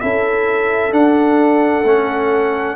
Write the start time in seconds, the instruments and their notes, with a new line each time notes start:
0.00 tuba C#4, trombone E4, horn A4, trumpet E5
0.91 tuba D4, trombone D4, trumpet F#5
1.83 tuba A3, trombone C#4